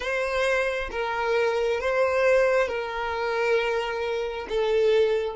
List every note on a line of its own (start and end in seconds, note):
0.00 0.90 C5
0.91 1.80 A#4
1.80 2.67 C5
2.67 4.47 A#4
4.48 5.35 A4